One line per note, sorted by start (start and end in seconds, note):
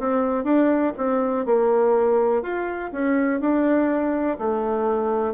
0.00 0.44 C4
0.44 0.93 D4
0.97 1.46 C4
1.46 2.43 A#3
2.43 2.91 F4
2.92 3.40 C#4
3.40 4.38 D4
4.38 5.34 A3